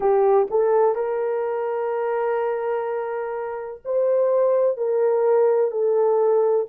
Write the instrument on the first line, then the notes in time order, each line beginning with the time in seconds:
horn
0.00 G4
0.50 A4
0.95 A#4
3.84 C5
4.77 A#4
5.71 A4